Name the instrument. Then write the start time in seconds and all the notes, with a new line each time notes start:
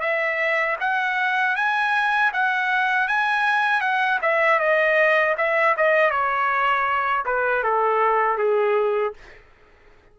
trumpet
0.00 E5
0.80 F#5
1.55 G#5
2.33 F#5
3.08 G#5
3.81 F#5
4.22 E5
4.59 D#5
5.37 E5
5.77 D#5
6.10 C#5
7.25 B4
7.63 A4
8.38 G#4